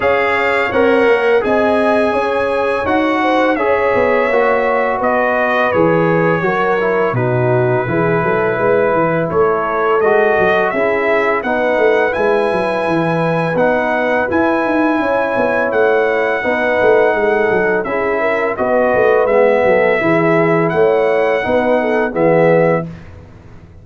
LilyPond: <<
  \new Staff \with { instrumentName = "trumpet" } { \time 4/4 \tempo 4 = 84 f''4 fis''4 gis''2 | fis''4 e''2 dis''4 | cis''2 b'2~ | b'4 cis''4 dis''4 e''4 |
fis''4 gis''2 fis''4 | gis''2 fis''2~ | fis''4 e''4 dis''4 e''4~ | e''4 fis''2 e''4 | }
  \new Staff \with { instrumentName = "horn" } { \time 4/4 cis''2 dis''4 cis''4~ | cis''8 c''8 cis''2 b'4~ | b'4 ais'4 fis'4 gis'8 a'8 | b'4 a'2 gis'4 |
b'1~ | b'4 cis''2 b'4 | a'4 gis'8 ais'8 b'4. a'8 | gis'4 cis''4 b'8 a'8 gis'4 | }
  \new Staff \with { instrumentName = "trombone" } { \time 4/4 gis'4 ais'4 gis'2 | fis'4 gis'4 fis'2 | gis'4 fis'8 e'8 dis'4 e'4~ | e'2 fis'4 e'4 |
dis'4 e'2 dis'4 | e'2. dis'4~ | dis'4 e'4 fis'4 b4 | e'2 dis'4 b4 | }
  \new Staff \with { instrumentName = "tuba" } { \time 4/4 cis'4 c'8 ais8 c'4 cis'4 | dis'4 cis'8 b8 ais4 b4 | e4 fis4 b,4 e8 fis8 | gis8 e8 a4 gis8 fis8 cis'4 |
b8 a8 gis8 fis8 e4 b4 | e'8 dis'8 cis'8 b8 a4 b8 a8 | gis8 fis8 cis'4 b8 a8 gis8 fis8 | e4 a4 b4 e4 | }
>>